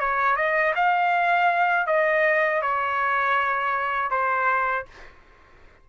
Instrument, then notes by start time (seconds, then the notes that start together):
trumpet
0.00 C#5
0.36 D#5
0.75 F5
1.87 D#5
2.62 C#5
4.11 C5